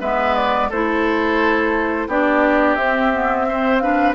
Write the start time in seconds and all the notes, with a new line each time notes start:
0.00 G#3 B3 B4 E5
0.35 D5
0.69 A3 E4 A4 C5
2.07 B3 D4 G4 D5
2.75 C4 E5
3.13 B3
3.48 C4 C5
3.78 D4 B4 F5